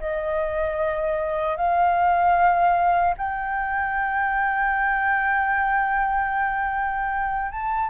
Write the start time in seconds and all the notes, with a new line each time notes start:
0.00 D#5
1.57 F5
3.18 G5
7.51 A5